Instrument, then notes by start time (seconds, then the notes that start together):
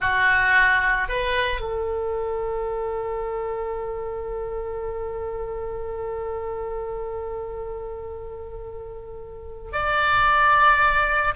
oboe
0.00 F#4
1.08 B4
1.60 A4
9.72 D5